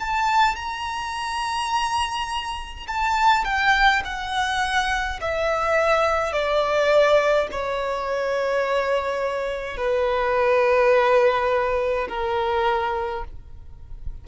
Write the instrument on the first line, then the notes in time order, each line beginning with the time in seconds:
violin
0.00 A5
0.56 A#5
2.87 A5
3.45 G5
4.05 F#5
5.21 E5
6.33 D5
7.52 C#5
9.77 B4
12.09 A#4